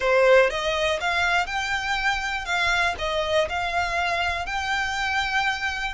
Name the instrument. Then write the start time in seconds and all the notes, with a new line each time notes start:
violin
0.00 C5
0.50 D#5
1.00 F5
1.46 G5
2.45 F5
2.98 D#5
3.49 F5
4.46 G5